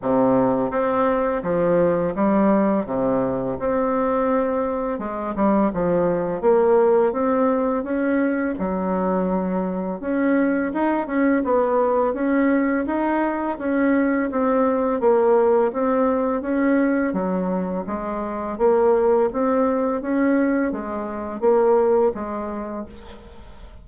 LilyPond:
\new Staff \with { instrumentName = "bassoon" } { \time 4/4 \tempo 4 = 84 c4 c'4 f4 g4 | c4 c'2 gis8 g8 | f4 ais4 c'4 cis'4 | fis2 cis'4 dis'8 cis'8 |
b4 cis'4 dis'4 cis'4 | c'4 ais4 c'4 cis'4 | fis4 gis4 ais4 c'4 | cis'4 gis4 ais4 gis4 | }